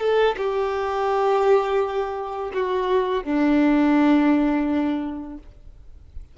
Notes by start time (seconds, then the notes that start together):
0.00 A4
0.38 G4
2.54 F#4
3.24 D4